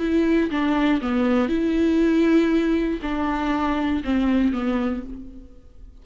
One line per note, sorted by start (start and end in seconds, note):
0.00 0.50 E4
0.51 1.01 D4
1.02 1.49 B3
1.49 3.00 E4
3.03 4.03 D4
4.05 4.53 C4
4.53 5.04 B3